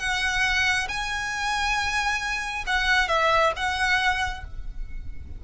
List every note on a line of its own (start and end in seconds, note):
0.00 0.88 F#5
0.88 2.65 G#5
2.67 3.09 F#5
3.09 3.53 E5
3.57 4.45 F#5